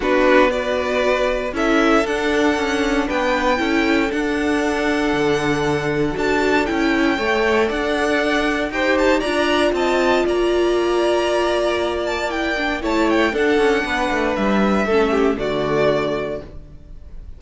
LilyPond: <<
  \new Staff \with { instrumentName = "violin" } { \time 4/4 \tempo 4 = 117 b'4 d''2 e''4 | fis''2 g''2 | fis''1 | a''4 g''2 fis''4~ |
fis''4 g''8 a''8 ais''4 a''4 | ais''2.~ ais''8 a''8 | g''4 a''8 g''8 fis''2 | e''2 d''2 | }
  \new Staff \with { instrumentName = "violin" } { \time 4/4 fis'4 b'2 a'4~ | a'2 b'4 a'4~ | a'1~ | a'2 cis''4 d''4~ |
d''4 c''4 d''4 dis''4 | d''1~ | d''4 cis''4 a'4 b'4~ | b'4 a'8 g'8 fis'2 | }
  \new Staff \with { instrumentName = "viola" } { \time 4/4 d'4 fis'2 e'4 | d'2. e'4 | d'1 | fis'4 e'4 a'2~ |
a'4 g'4 f'2~ | f'1 | e'8 d'8 e'4 d'2~ | d'4 cis'4 a2 | }
  \new Staff \with { instrumentName = "cello" } { \time 4/4 b2. cis'4 | d'4 cis'4 b4 cis'4 | d'2 d2 | d'4 cis'4 a4 d'4~ |
d'4 dis'4 d'4 c'4 | ais1~ | ais4 a4 d'8 cis'8 b8 a8 | g4 a4 d2 | }
>>